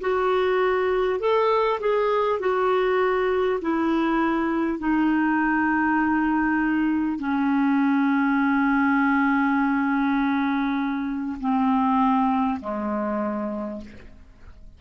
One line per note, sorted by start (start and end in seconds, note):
0.00 1.19 F#4
1.19 1.79 A4
1.80 2.39 G#4
2.39 3.59 F#4
3.61 4.78 E4
4.78 7.18 D#4
7.18 11.38 C#4
11.40 12.60 C4
12.60 13.80 G#3